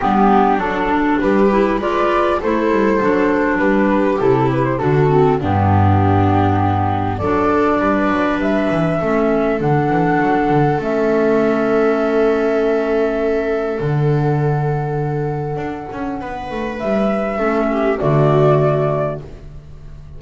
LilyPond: <<
  \new Staff \with { instrumentName = "flute" } { \time 4/4 \tempo 4 = 100 g'4 a'4 b'4 d''4 | c''2 b'4 a'8 b'16 c''16 | a'4 g'2. | d''2 e''2 |
fis''2 e''2~ | e''2. fis''4~ | fis''1 | e''2 d''2 | }
  \new Staff \with { instrumentName = "viola" } { \time 4/4 d'2 g'4 b'4 | a'2 g'2 | fis'4 d'2. | a'4 b'2 a'4~ |
a'1~ | a'1~ | a'2. b'4~ | b'4 a'8 g'8 fis'2 | }
  \new Staff \with { instrumentName = "clarinet" } { \time 4/4 b4 d'4. e'8 f'4 | e'4 d'2 e'4 | d'8 c'8 b2. | d'2. cis'4 |
d'2 cis'2~ | cis'2. d'4~ | d'1~ | d'4 cis'4 a2 | }
  \new Staff \with { instrumentName = "double bass" } { \time 4/4 g4 fis4 g4 gis4 | a8 g8 fis4 g4 c4 | d4 g,2. | fis4 g8 fis8 g8 e8 a4 |
d8 e8 fis8 d8 a2~ | a2. d4~ | d2 d'8 cis'8 b8 a8 | g4 a4 d2 | }
>>